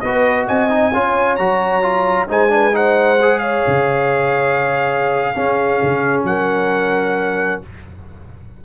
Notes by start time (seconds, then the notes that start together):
0.00 B3 F#4 B4 D#5
0.46 C4 D#5 G#5
0.70 D#4
0.94 C#4 F4 C#5
1.36 F#3 F#4 A#5
1.82 F4
2.29 G#3 D#4 C5 G#5
2.49 D4 B4
2.73 D#4 C5 F#5
3.22 G#4
3.39 C#5 F5
3.68 C#3
5.36 C#4 G#4
5.83 C#3
6.24 F#3 A#4 F#5